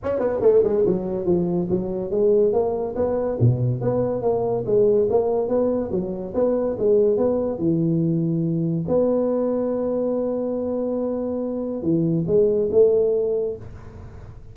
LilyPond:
\new Staff \with { instrumentName = "tuba" } { \time 4/4 \tempo 4 = 142 cis'8 b8 a8 gis8 fis4 f4 | fis4 gis4 ais4 b4 | b,4 b4 ais4 gis4 | ais4 b4 fis4 b4 |
gis4 b4 e2~ | e4 b2.~ | b1 | e4 gis4 a2 | }